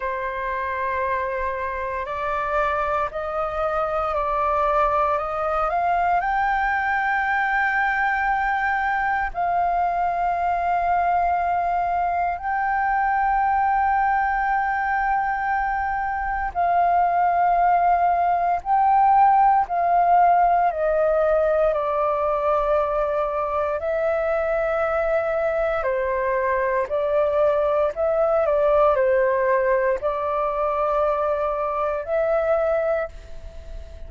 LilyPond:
\new Staff \with { instrumentName = "flute" } { \time 4/4 \tempo 4 = 58 c''2 d''4 dis''4 | d''4 dis''8 f''8 g''2~ | g''4 f''2. | g''1 |
f''2 g''4 f''4 | dis''4 d''2 e''4~ | e''4 c''4 d''4 e''8 d''8 | c''4 d''2 e''4 | }